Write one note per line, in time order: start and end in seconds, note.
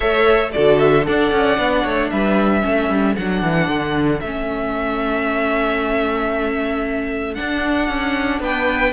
0.00 0.54 A3
0.00 0.53 A4
0.00 0.52 C#5
0.00 0.49 E5
0.52 1.07 D3
0.52 1.03 F#4
0.52 1.06 A4
0.52 0.78 D5
0.78 1.04 E5
1.03 1.31 D4
1.03 1.55 A4
1.03 1.82 D5
1.03 2.10 F#5
1.31 1.58 C#4
1.57 1.84 B3
1.57 2.61 D4
1.82 2.11 A3
1.82 2.09 C#5
2.10 2.64 G3
2.10 2.64 B4
2.10 3.15 E5
2.61 2.89 A3
2.61 3.14 C#4
2.61 8.40 A4
2.89 3.16 G3
3.15 3.42 F#3
3.15 4.25 D4
3.15 4.20 F#5
3.42 3.68 E3
3.68 4.20 D3
4.20 7.37 A3
4.20 7.35 C#4
4.20 7.34 E5
7.34 8.92 D4
7.34 7.88 D4
7.34 8.39 F#5
7.88 8.39 C#4
8.39 8.92 B3
8.39 8.92 B4
8.39 8.92 G5